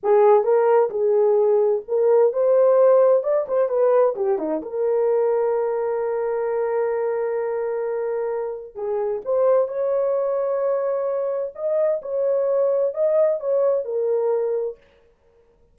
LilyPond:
\new Staff \with { instrumentName = "horn" } { \time 4/4 \tempo 4 = 130 gis'4 ais'4 gis'2 | ais'4 c''2 d''8 c''8 | b'4 g'8 dis'8 ais'2~ | ais'1~ |
ais'2. gis'4 | c''4 cis''2.~ | cis''4 dis''4 cis''2 | dis''4 cis''4 ais'2 | }